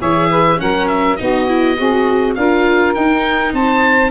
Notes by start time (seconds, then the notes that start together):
0.00 E3 G#4 C#5 E5
0.30 B4
0.57 F#3 C#4 A#4 F#5
0.87 E5
1.17 B3 D#4 F#4 D#5
1.48 E4
1.78 C4 F#4 G#4
2.35 D4 F4 A#4 F5
2.95 D#4 G5
3.53 C4 C5 A5